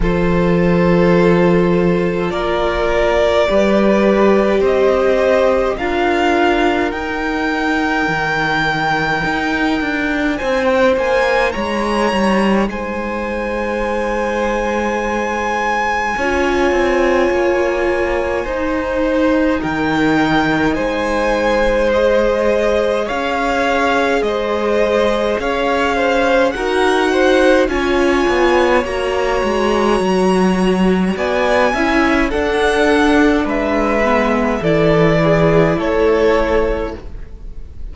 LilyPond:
<<
  \new Staff \with { instrumentName = "violin" } { \time 4/4 \tempo 4 = 52 c''2 d''2 | dis''4 f''4 g''2~ | g''4 gis''16 g''16 gis''8 ais''4 gis''4~ | gis''1~ |
gis''4 g''4 gis''4 dis''4 | f''4 dis''4 f''4 fis''4 | gis''4 ais''2 gis''4 | fis''4 e''4 d''4 cis''4 | }
  \new Staff \with { instrumentName = "violin" } { \time 4/4 a'2 ais'4 b'4 | c''4 ais'2.~ | ais'4 c''4 cis''4 c''4~ | c''2 cis''2 |
c''4 ais'4 c''2 | cis''4 c''4 cis''8 c''8 ais'8 c''8 | cis''2. d''8 e''8 | a'4 b'4 a'8 gis'8 a'4 | }
  \new Staff \with { instrumentName = "viola" } { \time 4/4 f'2. g'4~ | g'4 f'4 dis'2~ | dis'1~ | dis'2 f'2 |
dis'2. gis'4~ | gis'2. fis'4 | f'4 fis'2~ fis'8 e'8 | d'4. b8 e'2 | }
  \new Staff \with { instrumentName = "cello" } { \time 4/4 f2 ais4 g4 | c'4 d'4 dis'4 dis4 | dis'8 d'8 c'8 ais8 gis8 g8 gis4~ | gis2 cis'8 c'8 ais4 |
dis'4 dis4 gis2 | cis'4 gis4 cis'4 dis'4 | cis'8 b8 ais8 gis8 fis4 b8 cis'8 | d'4 gis4 e4 a4 | }
>>